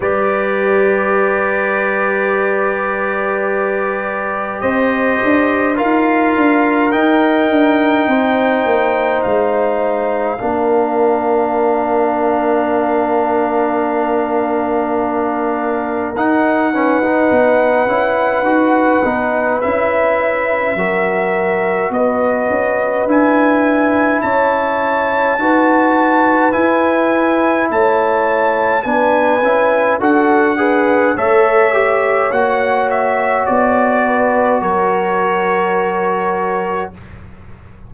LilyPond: <<
  \new Staff \with { instrumentName = "trumpet" } { \time 4/4 \tempo 4 = 52 d''1 | dis''4 f''4 g''2 | f''1~ | f''2 fis''2~ |
fis''4 e''2 dis''4 | gis''4 a''2 gis''4 | a''4 gis''4 fis''4 e''4 | fis''8 e''8 d''4 cis''2 | }
  \new Staff \with { instrumentName = "horn" } { \time 4/4 b'1 | c''4 ais'2 c''4~ | c''4 ais'2.~ | ais'2~ ais'8 b'4.~ |
b'2 ais'4 b'4~ | b'4 cis''4 b'2 | cis''4 b'4 a'8 b'8 cis''4~ | cis''4. b'8 ais'2 | }
  \new Staff \with { instrumentName = "trombone" } { \time 4/4 g'1~ | g'4 f'4 dis'2~ | dis'4 d'2.~ | d'2 dis'8 cis'16 dis'8. e'8 |
fis'8 dis'8 e'4 fis'2 | e'2 fis'4 e'4~ | e'4 d'8 e'8 fis'8 gis'8 a'8 g'8 | fis'1 | }
  \new Staff \with { instrumentName = "tuba" } { \time 4/4 g1 | c'8 d'8 dis'8 d'8 dis'8 d'8 c'8 ais8 | gis4 ais2.~ | ais2 dis'4 b8 cis'8 |
dis'8 b8 cis'4 fis4 b8 cis'8 | d'4 cis'4 dis'4 e'4 | a4 b8 cis'8 d'4 a4 | ais4 b4 fis2 | }
>>